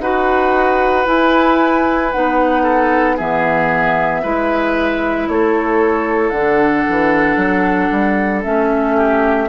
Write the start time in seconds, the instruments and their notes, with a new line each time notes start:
0.00 bassoon D#4, clarinet F#4, oboe B4, flute F#5
1.05 clarinet E4, bassoon E4, flute G#5
2.12 bassoon B3, clarinet D#4, flute F#5
2.63 oboe A4
3.16 bassoon E3, clarinet B3, oboe G#4, flute E5
4.23 bassoon G#3, clarinet E4, oboe B4
5.28 bassoon A3, oboe A4, flute C#5
6.30 bassoon D3, clarinet D4, flute F#5
6.89 bassoon E3
7.36 bassoon F#3
7.92 bassoon G3
8.43 bassoon A3, clarinet C#4, flute E5
8.96 oboe G4